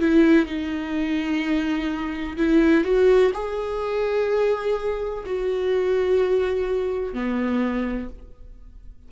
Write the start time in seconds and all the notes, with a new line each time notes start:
0.00 E4
0.47 D#4
2.38 E4
2.84 F#4
3.34 G#4
5.26 F#4
7.14 B3